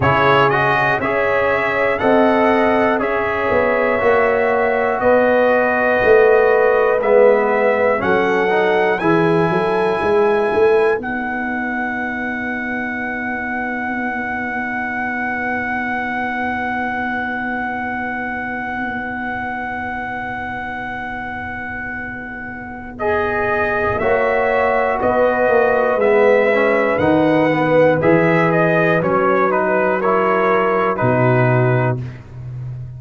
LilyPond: <<
  \new Staff \with { instrumentName = "trumpet" } { \time 4/4 \tempo 4 = 60 cis''8 dis''8 e''4 fis''4 e''4~ | e''4 dis''2 e''4 | fis''4 gis''2 fis''4~ | fis''1~ |
fis''1~ | fis''2. dis''4 | e''4 dis''4 e''4 fis''4 | e''8 dis''8 cis''8 b'8 cis''4 b'4 | }
  \new Staff \with { instrumentName = "horn" } { \time 4/4 gis'4 cis''4 dis''4 cis''4~ | cis''4 b'2. | a'4 gis'8 a'8 b'2~ | b'1~ |
b'1~ | b'1 | cis''4 b'2.~ | b'2 ais'4 fis'4 | }
  \new Staff \with { instrumentName = "trombone" } { \time 4/4 e'8 fis'8 gis'4 a'4 gis'4 | fis'2. b4 | cis'8 dis'8 e'2 dis'4~ | dis'1~ |
dis'1~ | dis'2. gis'4 | fis'2 b8 cis'8 dis'8 b8 | gis'4 cis'8 dis'8 e'4 dis'4 | }
  \new Staff \with { instrumentName = "tuba" } { \time 4/4 cis4 cis'4 c'4 cis'8 b8 | ais4 b4 a4 gis4 | fis4 e8 fis8 gis8 a8 b4~ | b1~ |
b1~ | b1 | ais4 b8 ais8 gis4 dis4 | e4 fis2 b,4 | }
>>